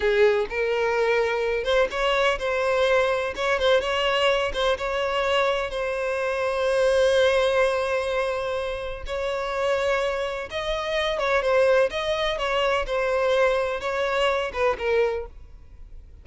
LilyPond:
\new Staff \with { instrumentName = "violin" } { \time 4/4 \tempo 4 = 126 gis'4 ais'2~ ais'8 c''8 | cis''4 c''2 cis''8 c''8 | cis''4. c''8 cis''2 | c''1~ |
c''2. cis''4~ | cis''2 dis''4. cis''8 | c''4 dis''4 cis''4 c''4~ | c''4 cis''4. b'8 ais'4 | }